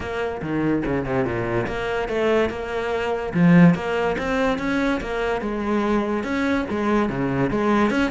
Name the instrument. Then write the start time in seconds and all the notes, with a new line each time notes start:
cello
0.00 A#3
0.41 D#3
0.85 C#3
1.05 C3
1.24 A#2
1.66 A#3
2.08 A3
2.49 A#3
3.33 F3
3.74 A#3
4.18 C4
4.58 C#4
5.01 A#3
5.41 G#3
6.23 C#4
6.70 G#3
7.09 C#3
7.50 G#3
7.90 C#4